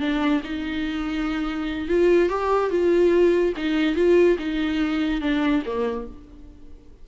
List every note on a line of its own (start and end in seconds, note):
0.00 0.42 D4
0.44 1.89 D#4
1.89 2.29 F4
2.29 2.70 G4
2.70 3.54 F4
3.57 3.96 D#4
3.96 4.37 F4
4.39 5.22 D#4
5.22 5.63 D4
5.66 6.08 A#3